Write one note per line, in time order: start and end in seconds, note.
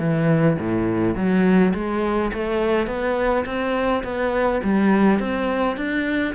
0.00 0.58 E3
0.59 1.16 A2
1.16 1.74 F#3
1.74 2.32 G#3
2.34 2.87 A3
2.87 3.45 B3
3.46 4.03 C4
4.04 4.62 B3
4.64 5.20 G3
5.20 5.77 C4
5.77 6.35 D4